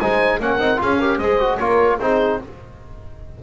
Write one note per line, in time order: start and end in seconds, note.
0.00 0.40 G#3
0.00 0.41 D#4
0.00 0.41 C5
0.00 0.40 G#5
0.40 0.58 A#3
0.40 0.60 C#4
0.40 0.82 A#4
0.40 0.81 F#5
0.58 0.78 C4
0.58 0.77 D#4
0.77 1.19 C#4
0.77 0.97 F4
0.77 0.99 G#4
0.77 1.18 F5
0.99 1.21 G4
0.99 1.19 A#4
1.18 1.59 G#3
1.18 1.40 G#4
1.18 1.59 C5
1.18 1.57 D#5
1.40 1.60 F#4
1.57 2.00 A#3
1.57 2.00 F4
1.57 1.99 A#4
1.57 1.97 C#5
2.00 2.40 C4
2.00 2.42 D#4
2.00 2.43 G#4
2.00 2.40 C5